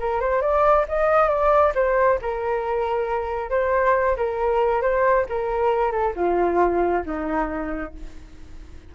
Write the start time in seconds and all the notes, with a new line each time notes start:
0.00 A#4
0.20 C5
0.42 D5
0.88 D#5
1.29 D5
1.75 C5
2.22 A#4
3.50 C5
4.17 A#4
4.81 C5
5.29 A#4
5.92 A4
6.16 F4
7.06 D#4